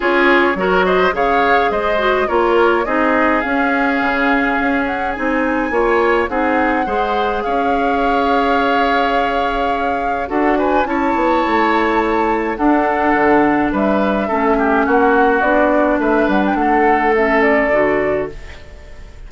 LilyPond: <<
  \new Staff \with { instrumentName = "flute" } { \time 4/4 \tempo 4 = 105 cis''4. dis''8 f''4 dis''4 | cis''4 dis''4 f''2~ | f''8 fis''8 gis''2 fis''4~ | fis''4 f''2.~ |
f''2 fis''8 gis''8 a''4~ | a''2 fis''2 | e''2 fis''4 d''4 | e''8 fis''16 g''16 fis''4 e''8 d''4. | }
  \new Staff \with { instrumentName = "oboe" } { \time 4/4 gis'4 ais'8 c''8 cis''4 c''4 | ais'4 gis'2.~ | gis'2 cis''4 gis'4 | c''4 cis''2.~ |
cis''2 a'8 b'8 cis''4~ | cis''2 a'2 | b'4 a'8 g'8 fis'2 | b'4 a'2. | }
  \new Staff \with { instrumentName = "clarinet" } { \time 4/4 f'4 fis'4 gis'4. fis'8 | f'4 dis'4 cis'2~ | cis'4 dis'4 f'4 dis'4 | gis'1~ |
gis'2 fis'4 e'4~ | e'2 d'2~ | d'4 cis'2 d'4~ | d'2 cis'4 fis'4 | }
  \new Staff \with { instrumentName = "bassoon" } { \time 4/4 cis'4 fis4 cis4 gis4 | ais4 c'4 cis'4 cis4 | cis'4 c'4 ais4 c'4 | gis4 cis'2.~ |
cis'2 d'4 cis'8 b8 | a2 d'4 d4 | g4 a4 ais4 b4 | a8 g8 a2 d4 | }
>>